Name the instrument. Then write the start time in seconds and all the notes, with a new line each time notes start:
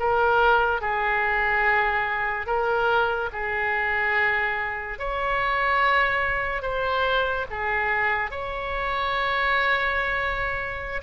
oboe
0.00 A#4
0.81 G#4
2.47 A#4
3.33 G#4
4.99 C#5
6.62 C5
7.51 G#4
8.31 C#5